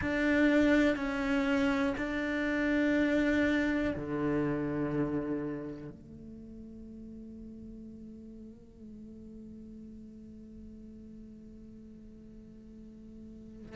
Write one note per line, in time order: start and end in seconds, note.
0.01 0.96 D4
0.96 1.94 C#4
1.97 3.94 D4
3.95 5.90 D3
5.90 13.76 A3